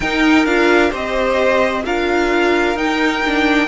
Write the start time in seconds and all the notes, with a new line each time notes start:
0.00 D#4 A#4 G5
0.45 D4 F4 F5
0.90 C4 G4 C5 D#5
1.84 D4 F4 A#4 F5
2.75 D#4 G5
3.26 D4